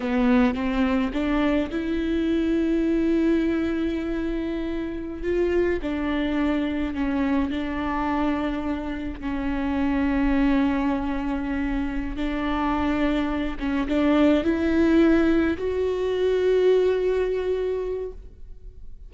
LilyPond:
\new Staff \with { instrumentName = "viola" } { \time 4/4 \tempo 4 = 106 b4 c'4 d'4 e'4~ | e'1~ | e'4~ e'16 f'4 d'4.~ d'16~ | d'16 cis'4 d'2~ d'8.~ |
d'16 cis'2.~ cis'8.~ | cis'4. d'2~ d'8 | cis'8 d'4 e'2 fis'8~ | fis'1 | }